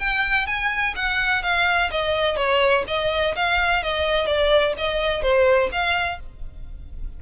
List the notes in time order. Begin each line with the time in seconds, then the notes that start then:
0.00 G5
0.47 G#5
0.96 F#5
1.43 F5
1.91 D#5
2.37 C#5
2.88 D#5
3.36 F5
3.84 D#5
4.27 D5
4.78 D#5
5.23 C5
5.73 F5